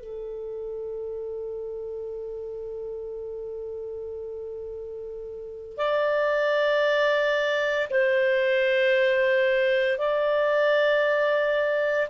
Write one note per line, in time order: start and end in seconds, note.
0.00 5.77 A4
5.77 7.88 D5
7.90 9.98 C5
9.98 12.09 D5